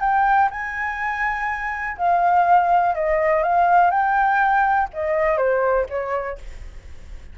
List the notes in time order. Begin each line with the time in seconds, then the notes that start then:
0.00 G5
0.51 G#5
1.97 F5
2.95 D#5
3.43 F5
3.90 G5
4.93 D#5
5.37 C5
5.89 C#5